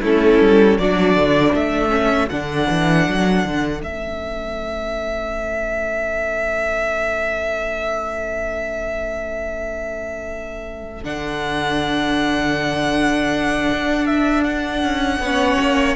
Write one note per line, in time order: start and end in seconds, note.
0.00 0.38 A3
0.00 0.80 C#4
0.00 0.77 E4
0.00 0.79 A4
0.41 0.78 G3
0.78 1.15 F#3
0.78 1.90 D4
0.78 1.56 F#4
0.78 1.55 D5
1.15 1.53 D3
1.53 2.29 A3
1.53 15.22 A4
1.53 2.29 E5
1.90 2.28 C#4
2.29 2.69 D3
2.29 3.84 D4
2.29 3.81 F#5
2.69 3.07 E3
3.08 3.45 F#3
3.45 3.83 D3
3.83 11.04 A3
3.83 11.05 C#4
3.83 11.05 E5
11.05 13.71 D3
11.05 15.22 D4
11.05 14.06 F#5
13.72 14.83 D4
14.06 14.44 E5
14.44 15.96 F#5
14.83 15.20 C#4
15.20 15.58 B3
15.20 15.96 C#4
15.20 15.96 C#5
15.60 15.96 A#3